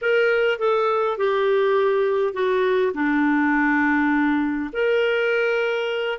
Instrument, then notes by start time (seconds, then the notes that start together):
clarinet
0.01 A#4
0.59 A4
1.17 G4
2.33 F#4
2.94 D4
4.72 A#4